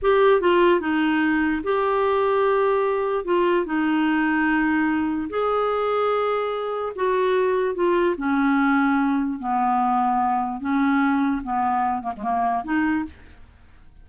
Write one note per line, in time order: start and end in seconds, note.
0.02 0.40 G4
0.40 0.80 F4
0.80 1.62 D#4
1.63 3.24 G4
3.24 3.65 F4
3.65 5.29 D#4
5.29 6.92 G#4
6.95 7.74 F#4
7.74 8.15 F4
8.17 9.39 C#4
9.39 10.60 B3
10.60 11.42 C#4
11.43 12.02 B3
12.02 12.12 A#3
12.17 12.22 G#3
12.17 12.63 A#3
12.64 13.04 D#4